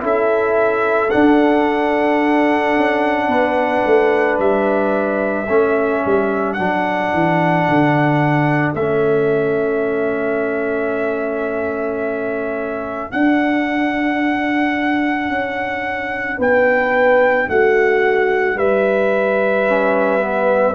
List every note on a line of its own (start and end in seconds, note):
0.00 1.12 C#4
0.00 1.09 E4
0.00 3.28 A4
0.00 1.10 E5
1.10 5.47 D4
1.10 2.77 D4
1.10 4.38 F#5
2.77 3.28 C#4
3.28 3.82 B3
3.28 5.46 B4
3.86 4.39 A3
4.39 5.48 G3
4.39 6.53 E5
5.46 6.03 A3
5.46 6.58 C#4
5.46 16.37 A4
6.06 6.59 G3
6.53 7.13 F#3
6.53 8.76 D4
6.53 8.72 F#5
7.13 7.68 E3
7.69 8.74 D3
8.74 13.11 A3
8.74 13.10 C#4
8.74 13.12 E5
13.10 19.65 D4
13.10 15.29 D4
13.10 16.39 F#5
15.29 16.38 C#4
16.37 17.48 B3
16.37 17.47 B4
16.37 17.49 G5
17.48 18.55 A3
17.48 18.57 F#4
17.48 18.58 F#5
18.55 20.73 G3
18.55 20.75 B4
18.55 20.75 E5
19.69 20.19 C#4
20.19 20.74 B3